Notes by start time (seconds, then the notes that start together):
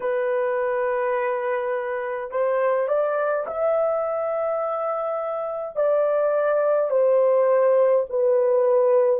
0.00 B4
2.31 C5
2.88 D5
3.46 E5
5.76 D5
6.90 C5
8.09 B4